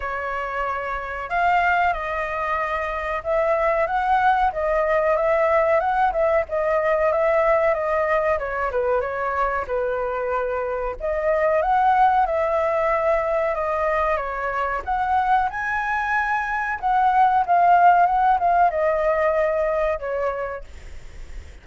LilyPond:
\new Staff \with { instrumentName = "flute" } { \time 4/4 \tempo 4 = 93 cis''2 f''4 dis''4~ | dis''4 e''4 fis''4 dis''4 | e''4 fis''8 e''8 dis''4 e''4 | dis''4 cis''8 b'8 cis''4 b'4~ |
b'4 dis''4 fis''4 e''4~ | e''4 dis''4 cis''4 fis''4 | gis''2 fis''4 f''4 | fis''8 f''8 dis''2 cis''4 | }